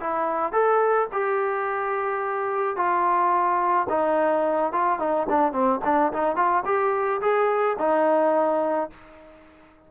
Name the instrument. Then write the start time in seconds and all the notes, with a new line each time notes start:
trombone
0.00 E4
0.52 A4
1.13 G4
2.76 F4
3.89 D#4
4.72 F4
4.99 D#4
5.29 D4
5.52 C4
5.85 D4
6.13 D#4
6.36 F4
6.65 G4
7.21 G#4
7.79 D#4